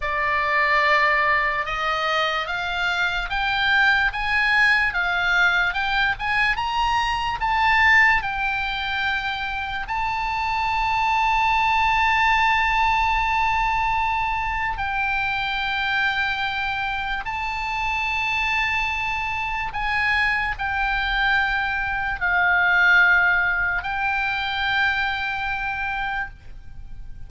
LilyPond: \new Staff \with { instrumentName = "oboe" } { \time 4/4 \tempo 4 = 73 d''2 dis''4 f''4 | g''4 gis''4 f''4 g''8 gis''8 | ais''4 a''4 g''2 | a''1~ |
a''2 g''2~ | g''4 a''2. | gis''4 g''2 f''4~ | f''4 g''2. | }